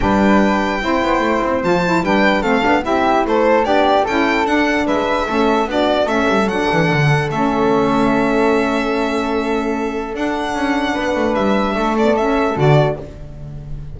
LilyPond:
<<
  \new Staff \with { instrumentName = "violin" } { \time 4/4 \tempo 4 = 148 g''1 | a''4 g''4 f''4 e''4 | c''4 d''4 g''4 fis''4 | e''2 d''4 e''4 |
fis''2 e''2~ | e''1~ | e''4 fis''2. | e''4. d''8 e''4 d''4 | }
  \new Staff \with { instrumentName = "flute" } { \time 4/4 b'2 c''2~ | c''4 b'4 a'4 g'4 | a'4 g'4 a'2 | b'4 a'4 fis'4 a'4~ |
a'1~ | a'1~ | a'2. b'4~ | b'4 a'2. | }
  \new Staff \with { instrumentName = "saxophone" } { \time 4/4 d'2 e'2 | f'8 e'8 d'4 c'8 d'8 e'4~ | e'4 d'4 e'4 d'4~ | d'4 cis'4 d'4 cis'4 |
d'2 cis'2~ | cis'1~ | cis'4 d'2.~ | d'4. cis'16 b16 cis'4 fis'4 | }
  \new Staff \with { instrumentName = "double bass" } { \time 4/4 g2 c'8 b8 a8 c'8 | f4 g4 a8 b8 c'4 | a4 b4 cis'4 d'4 | gis4 a4 b4 a8 g8 |
fis8 e8 d4 a2~ | a1~ | a4 d'4 cis'4 b8 a8 | g4 a2 d4 | }
>>